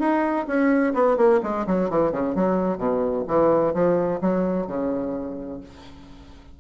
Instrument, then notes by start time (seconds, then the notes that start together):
bassoon
0.00 D#4
0.48 C#4
0.94 B3
1.17 A#3
1.44 G#3
1.67 F#3
1.90 E3
2.12 C#3
2.35 F#3
2.78 B2
3.28 E3
3.74 F3
4.22 F#3
4.68 C#3